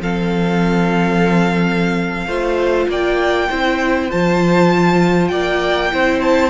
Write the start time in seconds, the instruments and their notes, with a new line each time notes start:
0.00 cello F3, viola C4, violin A4 F5
2.26 cello A3, viola F4, violin C5
2.88 cello A#3, violin D5 G5
3.49 cello C4, viola E4, violin C5
4.10 cello F3, viola F4, violin A5
5.28 cello A#3, violin D5 G5
5.91 cello C4, viola E4, violin C5
6.21 violin A5